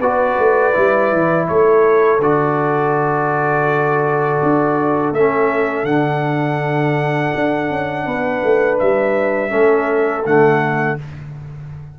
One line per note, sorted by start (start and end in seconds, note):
0.00 0.37 B3
0.00 0.73 F#4
0.00 1.46 B4
0.00 1.47 D5
0.39 0.75 A3
0.73 1.12 G3
0.73 2.20 E4
1.12 1.49 E3
1.48 2.19 A3
1.48 8.06 A4
1.48 2.21 C#5
2.19 4.39 D3
2.19 5.15 F#4
2.19 5.14 D5
4.43 5.11 D4
5.11 5.84 A3
5.11 5.85 E5
5.18 5.86 C#4
5.84 7.30 D3
5.84 9.50 D4
5.84 8.78 F#5
7.35 7.71 D4
7.71 8.06 C#4
8.06 8.43 B3
8.06 9.51 B4
8.43 8.80 A3
8.79 9.54 G3
8.79 10.25 E5
9.50 10.26 A3
9.50 10.23 C#4
9.50 10.97 A4
10.26 10.99 D3
10.26 10.99 A3
10.26 10.99 F#5